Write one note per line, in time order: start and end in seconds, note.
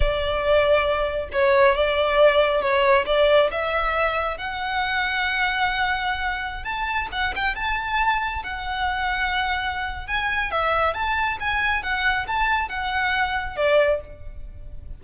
0.00 1.29 D5
1.32 1.75 C#5
1.75 2.61 D5
2.61 3.05 C#5
3.06 3.50 D5
3.51 4.37 E5
4.37 6.64 F#5
6.64 7.07 A5
7.12 7.34 F#5
7.35 7.55 G5
7.55 8.42 A5
8.43 10.07 F#5
10.07 10.51 G#5
10.51 10.94 E5
10.94 11.38 A5
11.40 11.82 G#5
11.82 12.26 F#5
12.27 12.68 A5
12.68 13.56 F#5
13.56 14.00 D5